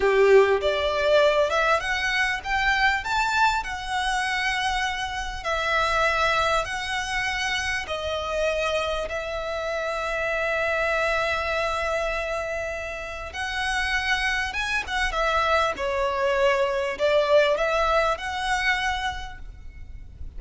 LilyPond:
\new Staff \with { instrumentName = "violin" } { \time 4/4 \tempo 4 = 99 g'4 d''4. e''8 fis''4 | g''4 a''4 fis''2~ | fis''4 e''2 fis''4~ | fis''4 dis''2 e''4~ |
e''1~ | e''2 fis''2 | gis''8 fis''8 e''4 cis''2 | d''4 e''4 fis''2 | }